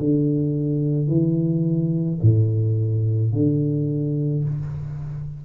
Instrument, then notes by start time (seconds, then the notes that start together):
tuba
0.00 D3
1.08 E3
2.22 A2
3.33 D3